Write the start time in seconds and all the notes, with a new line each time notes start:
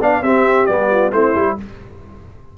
0.00 B3 D4 D5 F5
0.21 C4 G4 E5
0.66 G3 B3 D5
0.90 F4
1.11 A3 C4 E4 C5
1.35 G3 E4